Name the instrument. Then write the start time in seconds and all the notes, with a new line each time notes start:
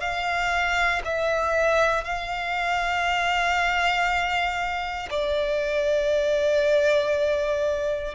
violin
0.00 F5
1.04 E5
2.04 F5
5.10 D5